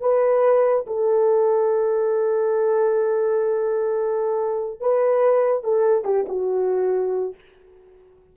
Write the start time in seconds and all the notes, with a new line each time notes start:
0.00 B4
0.87 A4
4.80 B4
5.63 A4
6.04 G4
6.28 F#4